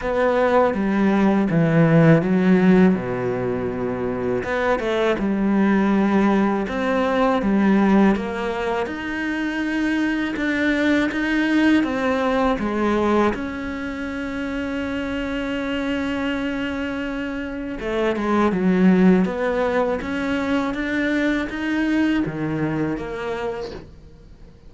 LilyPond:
\new Staff \with { instrumentName = "cello" } { \time 4/4 \tempo 4 = 81 b4 g4 e4 fis4 | b,2 b8 a8 g4~ | g4 c'4 g4 ais4 | dis'2 d'4 dis'4 |
c'4 gis4 cis'2~ | cis'1 | a8 gis8 fis4 b4 cis'4 | d'4 dis'4 dis4 ais4 | }